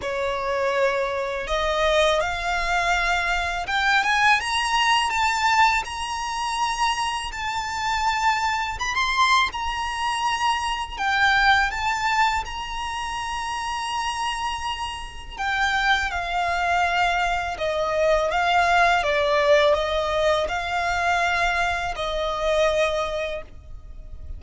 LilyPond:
\new Staff \with { instrumentName = "violin" } { \time 4/4 \tempo 4 = 82 cis''2 dis''4 f''4~ | f''4 g''8 gis''8 ais''4 a''4 | ais''2 a''2 | b''16 c'''8. ais''2 g''4 |
a''4 ais''2.~ | ais''4 g''4 f''2 | dis''4 f''4 d''4 dis''4 | f''2 dis''2 | }